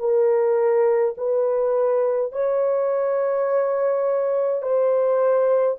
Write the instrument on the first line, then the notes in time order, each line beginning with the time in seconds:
horn
0.00 A#4
1.18 B4
2.33 C#5
4.63 C5